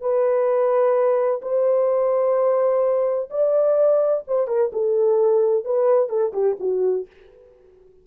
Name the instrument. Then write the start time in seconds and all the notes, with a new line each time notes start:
horn
0.00 B4
1.41 C5
3.30 D5
4.27 C5
4.47 A#4
4.72 A4
5.64 B4
6.09 A4
6.33 G4
6.59 F#4